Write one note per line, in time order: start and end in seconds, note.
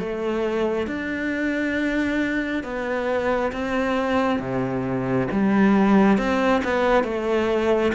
0.00 0.87 A3
0.87 2.64 D4
2.64 3.52 B3
3.53 4.40 C4
4.40 5.28 C3
5.32 6.18 G3
6.18 6.62 C4
6.65 7.04 B3
7.04 7.93 A3